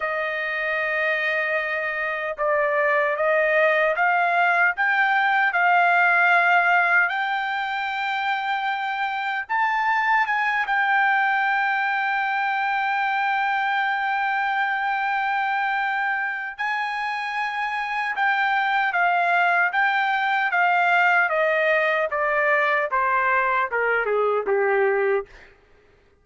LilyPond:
\new Staff \with { instrumentName = "trumpet" } { \time 4/4 \tempo 4 = 76 dis''2. d''4 | dis''4 f''4 g''4 f''4~ | f''4 g''2. | a''4 gis''8 g''2~ g''8~ |
g''1~ | g''4 gis''2 g''4 | f''4 g''4 f''4 dis''4 | d''4 c''4 ais'8 gis'8 g'4 | }